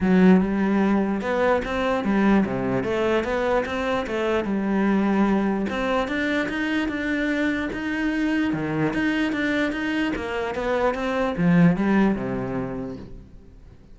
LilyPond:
\new Staff \with { instrumentName = "cello" } { \time 4/4 \tempo 4 = 148 fis4 g2 b4 | c'4 g4 c4 a4 | b4 c'4 a4 g4~ | g2 c'4 d'4 |
dis'4 d'2 dis'4~ | dis'4 dis4 dis'4 d'4 | dis'4 ais4 b4 c'4 | f4 g4 c2 | }